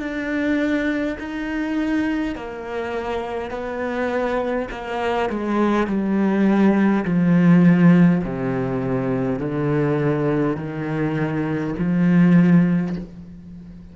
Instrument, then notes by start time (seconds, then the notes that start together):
cello
0.00 D4
1.20 D#4
2.36 A#3
3.51 B3
4.71 A#3
5.30 G#3
5.88 G3
7.06 F3
8.25 C3
9.40 D3
10.57 D#3
11.79 F3